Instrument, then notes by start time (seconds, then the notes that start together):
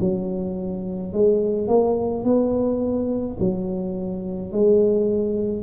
tuba
0.00 F#3
1.13 G#3
1.68 A#3
2.24 B3
3.40 F#3
4.52 G#3